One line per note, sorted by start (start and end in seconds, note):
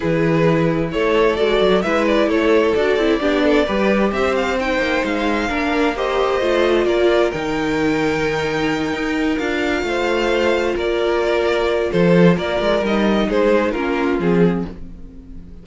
0.00 0.94 E3
0.00 1.37 E4
0.00 0.89 G#4
0.00 0.90 B4
0.91 1.39 A3
0.91 1.84 A4
0.91 1.36 C#5
1.36 1.61 G#3
1.36 1.83 F#4
1.36 1.81 D5
1.61 1.84 F#3
1.81 2.27 G#3
1.81 2.75 E4
1.81 2.28 B4
1.81 2.04 E5
2.06 2.29 D5
2.27 2.73 A3
2.27 3.20 A4
2.27 2.75 C#5
2.75 2.96 D4
2.75 2.99 F#4
2.75 4.12 D5
2.96 3.19 C4
2.96 3.20 E4
3.20 3.66 B3
3.20 3.66 D4
3.20 3.43 G4
3.43 3.66 A4
3.66 4.12 G3
3.66 4.58 G4
3.66 4.11 B4
4.12 4.78 C4
4.12 5.49 C5
4.12 4.35 E5
4.35 4.58 F5
4.59 5.48 D#4
4.59 5.05 G5
4.78 5.01 A#3
5.04 5.50 G#3
5.04 5.97 F5
5.48 6.40 A#3
5.48 5.94 D4
5.48 5.94 A#4
5.95 6.41 G4
5.95 6.87 C5
5.95 6.85 D#5
6.40 6.85 A3
6.40 7.32 F4
6.85 7.30 A#3
6.85 9.84 A#4
6.85 7.31 D5
7.31 8.93 D#3
7.31 9.39 D#4
7.31 9.37 G5
8.93 9.39 D#4
9.38 9.82 D4
9.38 12.83 F4
9.38 10.75 F5
9.82 10.73 A3
9.82 10.75 C5
10.75 11.91 A#3
10.75 11.90 A#4
10.75 11.91 D5
11.91 12.37 F3
11.91 12.36 A4
11.91 12.37 C5
12.36 12.60 A#3
12.36 13.27 A#4
12.36 12.84 D5
12.60 12.82 G#3
12.82 13.28 G3
12.82 13.76 D#4
12.82 13.30 D#5
13.28 13.74 G#3
13.28 13.71 G#4
13.28 13.71 C5
13.71 14.19 A#3
13.71 14.20 C#4
13.71 14.63 F4
13.71 14.17 A#4
14.19 14.65 F3
14.19 14.66 C4
14.19 14.66 G#4